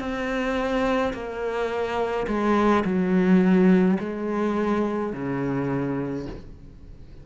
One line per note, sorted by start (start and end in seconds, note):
0.00 1.13 C4
1.14 2.27 A#3
2.27 2.84 G#3
2.85 3.98 F#3
4.00 5.13 G#3
5.13 6.26 C#3